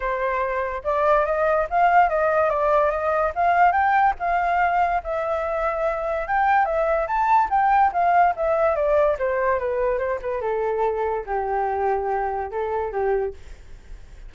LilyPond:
\new Staff \with { instrumentName = "flute" } { \time 4/4 \tempo 4 = 144 c''2 d''4 dis''4 | f''4 dis''4 d''4 dis''4 | f''4 g''4 f''2 | e''2. g''4 |
e''4 a''4 g''4 f''4 | e''4 d''4 c''4 b'4 | c''8 b'8 a'2 g'4~ | g'2 a'4 g'4 | }